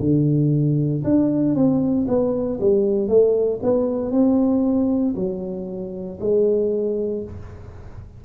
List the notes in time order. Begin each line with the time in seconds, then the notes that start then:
0.00 D3
1.04 D4
1.55 C4
2.08 B3
2.61 G3
3.08 A3
3.63 B3
4.12 C4
5.16 F#3
6.21 G#3